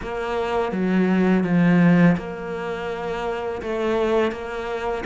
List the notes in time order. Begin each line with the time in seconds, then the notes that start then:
0.02 A#3
0.72 F#3
1.44 F3
2.17 A#3
3.61 A3
4.31 A#3